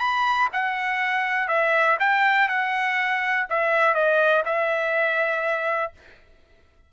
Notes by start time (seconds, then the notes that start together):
0.00 B5
0.53 F#5
1.48 E5
2.00 G5
2.49 F#5
3.50 E5
3.95 D#5
4.46 E5